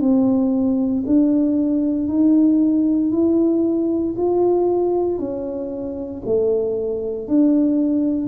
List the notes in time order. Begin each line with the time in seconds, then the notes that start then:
0.00 C4
1.06 D4
2.08 D#4
3.11 E4
4.16 F4
5.19 C#4
6.25 A3
7.28 D4